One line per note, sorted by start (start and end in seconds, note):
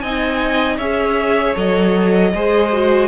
0.00 0.78 C4
0.00 0.81 D#4
0.00 0.77 D#5
0.00 0.77 G#5
0.77 1.55 C#4
0.77 1.55 G#4
0.77 2.31 C#5
0.77 1.55 E5
1.55 2.33 F#3
1.55 2.32 A4
1.55 3.08 D#5
2.34 3.08 G#3
2.34 2.72 G#4
2.34 3.08 C5
2.72 3.08 F#4